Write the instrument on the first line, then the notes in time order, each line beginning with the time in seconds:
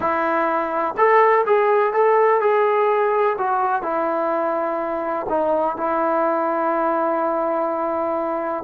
trombone
0.00 E4
0.97 A4
1.45 G#4
1.93 A4
2.40 G#4
3.38 F#4
3.82 E4
5.29 D#4
5.76 E4